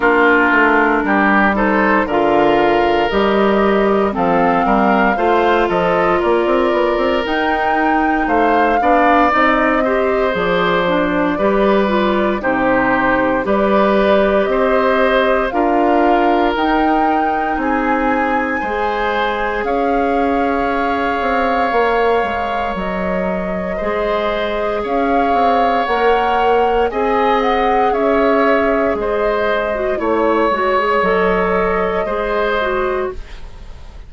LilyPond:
<<
  \new Staff \with { instrumentName = "flute" } { \time 4/4 \tempo 4 = 58 ais'4. c''8 f''4 dis''4 | f''4. dis''8 d''4 g''4 | f''4 dis''4 d''2 | c''4 d''4 dis''4 f''4 |
g''4 gis''2 f''4~ | f''2 dis''2 | f''4 fis''4 gis''8 fis''8 e''4 | dis''4 cis''4 dis''2 | }
  \new Staff \with { instrumentName = "oboe" } { \time 4/4 f'4 g'8 a'8 ais'2 | a'8 ais'8 c''8 a'8 ais'2 | c''8 d''4 c''4. b'4 | g'4 b'4 c''4 ais'4~ |
ais'4 gis'4 c''4 cis''4~ | cis''2. c''4 | cis''2 dis''4 cis''4 | c''4 cis''2 c''4 | }
  \new Staff \with { instrumentName = "clarinet" } { \time 4/4 d'4. dis'8 f'4 g'4 | c'4 f'2 dis'4~ | dis'8 d'8 dis'8 g'8 gis'8 d'8 g'8 f'8 | dis'4 g'2 f'4 |
dis'2 gis'2~ | gis'4 ais'2 gis'4~ | gis'4 ais'4 gis'2~ | gis'8. fis'16 e'8 fis'16 gis'16 a'4 gis'8 fis'8 | }
  \new Staff \with { instrumentName = "bassoon" } { \time 4/4 ais8 a8 g4 d4 g4 | f8 g8 a8 f8 ais16 c'16 b16 c'16 dis'4 | a8 b8 c'4 f4 g4 | c4 g4 c'4 d'4 |
dis'4 c'4 gis4 cis'4~ | cis'8 c'8 ais8 gis8 fis4 gis4 | cis'8 c'8 ais4 c'4 cis'4 | gis4 a8 gis8 fis4 gis4 | }
>>